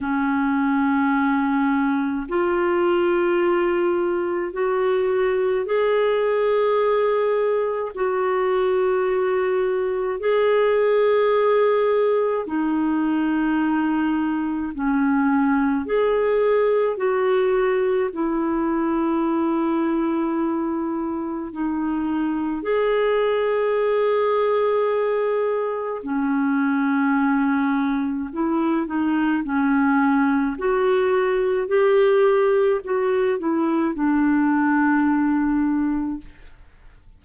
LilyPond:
\new Staff \with { instrumentName = "clarinet" } { \time 4/4 \tempo 4 = 53 cis'2 f'2 | fis'4 gis'2 fis'4~ | fis'4 gis'2 dis'4~ | dis'4 cis'4 gis'4 fis'4 |
e'2. dis'4 | gis'2. cis'4~ | cis'4 e'8 dis'8 cis'4 fis'4 | g'4 fis'8 e'8 d'2 | }